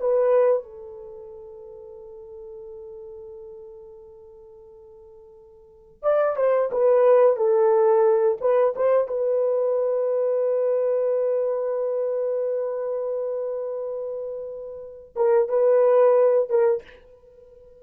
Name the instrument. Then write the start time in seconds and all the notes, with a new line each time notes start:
horn
0.00 B4
0.63 A4
6.02 D5
6.36 C5
6.72 B4
7.37 A4
8.40 B4
8.76 C5
9.08 B4
15.16 A#4
15.49 B4
16.49 A#4